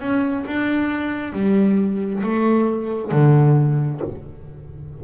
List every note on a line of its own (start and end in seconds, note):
0.00 0.45 C#4
0.46 1.32 D4
1.32 2.22 G3
2.23 3.11 A3
3.11 4.01 D3